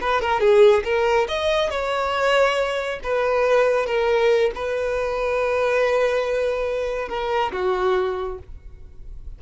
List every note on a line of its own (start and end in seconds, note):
0.00 0.21 B4
0.21 0.40 A#4
0.40 0.83 G#4
0.84 1.27 A#4
1.28 1.70 D#5
1.70 2.99 C#5
3.03 3.86 B4
3.86 4.51 A#4
4.55 7.08 B4
7.08 7.51 A#4
7.52 8.38 F#4